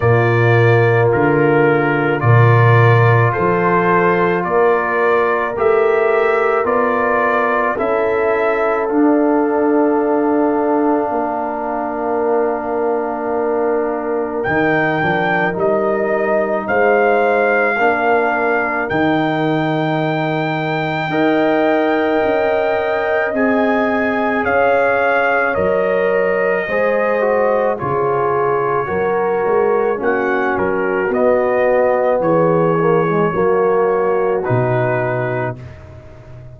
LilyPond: <<
  \new Staff \with { instrumentName = "trumpet" } { \time 4/4 \tempo 4 = 54 d''4 ais'4 d''4 c''4 | d''4 e''4 d''4 e''4 | f''1~ | f''4 g''4 dis''4 f''4~ |
f''4 g''2.~ | g''4 gis''4 f''4 dis''4~ | dis''4 cis''2 fis''8 ais'8 | dis''4 cis''2 b'4 | }
  \new Staff \with { instrumentName = "horn" } { \time 4/4 f'2 ais'4 a'4 | ais'2. a'4~ | a'2 ais'2~ | ais'2. c''4 |
ais'2. dis''4~ | dis''2 cis''2 | c''4 gis'4 ais'4 fis'4~ | fis'4 gis'4 fis'2 | }
  \new Staff \with { instrumentName = "trombone" } { \time 4/4 ais2 f'2~ | f'4 g'4 f'4 e'4 | d'1~ | d'4 dis'8 d'8 dis'2 |
d'4 dis'2 ais'4~ | ais'4 gis'2 ais'4 | gis'8 fis'8 f'4 fis'4 cis'4 | b4. ais16 gis16 ais4 dis'4 | }
  \new Staff \with { instrumentName = "tuba" } { \time 4/4 ais,4 d4 ais,4 f4 | ais4 a4 b4 cis'4 | d'2 ais2~ | ais4 dis8 f8 g4 gis4 |
ais4 dis2 dis'4 | cis'4 c'4 cis'4 fis4 | gis4 cis4 fis8 gis8 ais8 fis8 | b4 e4 fis4 b,4 | }
>>